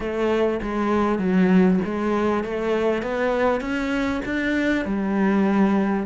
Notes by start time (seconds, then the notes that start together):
0.00 A3
0.62 G#3
1.18 F#3
1.84 G#3
2.44 A3
3.02 B3
3.61 C#4
4.25 D4
4.85 G3